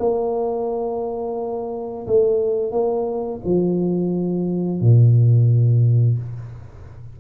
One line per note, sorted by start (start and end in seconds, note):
0.00 2.07 A#3
2.07 2.72 A3
2.72 3.41 A#3
3.45 4.81 F3
4.81 6.19 A#2